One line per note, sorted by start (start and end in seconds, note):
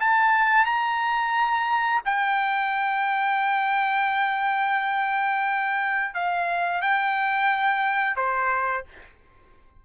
0.00 0.65 A5
0.65 2.02 A#5
2.05 6.14 G5
6.14 6.81 F5
6.81 8.16 G5
8.16 8.85 C5